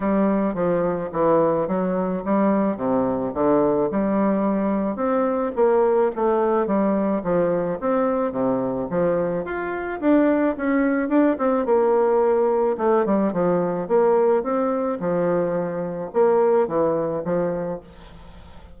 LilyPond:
\new Staff \with { instrumentName = "bassoon" } { \time 4/4 \tempo 4 = 108 g4 f4 e4 fis4 | g4 c4 d4 g4~ | g4 c'4 ais4 a4 | g4 f4 c'4 c4 |
f4 f'4 d'4 cis'4 | d'8 c'8 ais2 a8 g8 | f4 ais4 c'4 f4~ | f4 ais4 e4 f4 | }